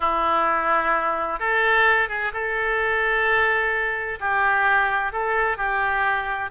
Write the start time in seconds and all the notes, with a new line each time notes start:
0.00 E4
1.39 A4
2.08 G#4
2.33 A4
4.19 G4
5.12 A4
5.57 G4